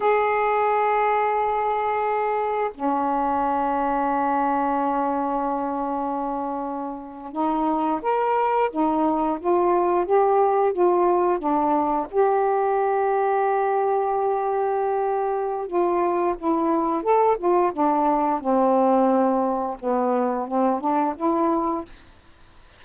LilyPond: \new Staff \with { instrumentName = "saxophone" } { \time 4/4 \tempo 4 = 88 gis'1 | cis'1~ | cis'2~ cis'8. dis'4 ais'16~ | ais'8. dis'4 f'4 g'4 f'16~ |
f'8. d'4 g'2~ g'16~ | g'2. f'4 | e'4 a'8 f'8 d'4 c'4~ | c'4 b4 c'8 d'8 e'4 | }